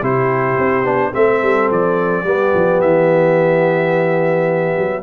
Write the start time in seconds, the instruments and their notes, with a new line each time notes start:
0.00 tuba C3, trombone E4, horn G4, trumpet C5
0.58 tuba C4
0.84 tuba B3, trombone D4
1.14 tuba A3, trombone C4, horn A4, trumpet E5
1.42 tuba G3
1.70 tuba F3, trumpet D5
2.23 tuba G3, trombone B3, horn G4
2.55 tuba F3
2.81 tuba E3, trumpet E5
4.78 tuba F#3